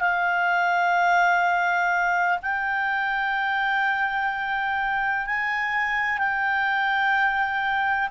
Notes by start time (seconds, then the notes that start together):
0.00 F5
2.42 G5
5.26 G#5
6.18 G5